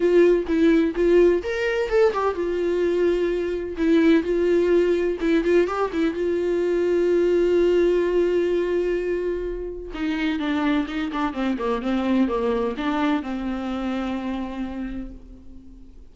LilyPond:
\new Staff \with { instrumentName = "viola" } { \time 4/4 \tempo 4 = 127 f'4 e'4 f'4 ais'4 | a'8 g'8 f'2. | e'4 f'2 e'8 f'8 | g'8 e'8 f'2.~ |
f'1~ | f'4 dis'4 d'4 dis'8 d'8 | c'8 ais8 c'4 ais4 d'4 | c'1 | }